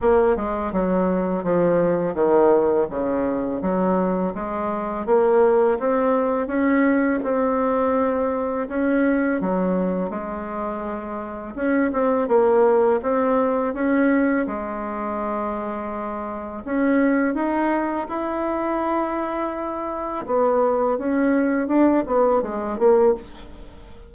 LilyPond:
\new Staff \with { instrumentName = "bassoon" } { \time 4/4 \tempo 4 = 83 ais8 gis8 fis4 f4 dis4 | cis4 fis4 gis4 ais4 | c'4 cis'4 c'2 | cis'4 fis4 gis2 |
cis'8 c'8 ais4 c'4 cis'4 | gis2. cis'4 | dis'4 e'2. | b4 cis'4 d'8 b8 gis8 ais8 | }